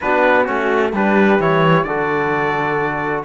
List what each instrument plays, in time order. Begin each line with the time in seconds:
0.01 cello B3, trombone D4, horn F#4, trumpet B4
0.44 cello A3, trombone C#4, trumpet F#4
0.92 cello G3, trombone D4, horn G4, trumpet B4
1.39 cello E3, trombone E4, trumpet C#5
1.83 cello D3, trombone F#4, horn A4, trumpet D5